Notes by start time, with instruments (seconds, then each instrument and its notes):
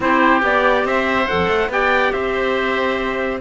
0.00 cello C4, clarinet E4, oboe G4, trumpet C5
0.40 cello B3, clarinet G4, trumpet D5
0.84 cello C4, oboe C5, trumpet E5
1.27 cello F2, clarinet A4, trumpet F#5
1.47 cello A3
1.68 cello B3, clarinet G4, oboe D5, trumpet G5
2.12 cello C4, oboe C5, trumpet E5